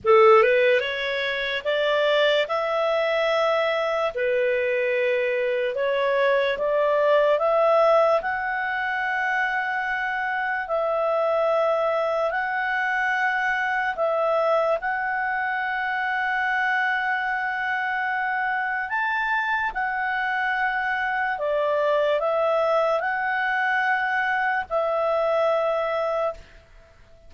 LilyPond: \new Staff \with { instrumentName = "clarinet" } { \time 4/4 \tempo 4 = 73 a'8 b'8 cis''4 d''4 e''4~ | e''4 b'2 cis''4 | d''4 e''4 fis''2~ | fis''4 e''2 fis''4~ |
fis''4 e''4 fis''2~ | fis''2. a''4 | fis''2 d''4 e''4 | fis''2 e''2 | }